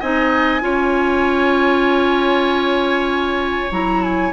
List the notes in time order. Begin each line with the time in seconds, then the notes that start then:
0.00 C4 D#4 D#5 G#5
0.61 C#4 F4 C#5
3.71 F#3 E4 A#5
4.03 G#5